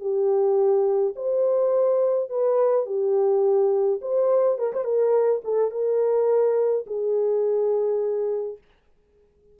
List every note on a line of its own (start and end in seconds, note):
0.00 1.14 G4
1.16 2.30 C5
2.30 2.86 B4
2.86 4.00 G4
4.02 4.58 C5
4.58 4.73 A#4
4.73 4.84 C5
4.84 5.42 A#4
5.44 5.71 A4
5.71 6.86 A#4
6.87 8.58 G#4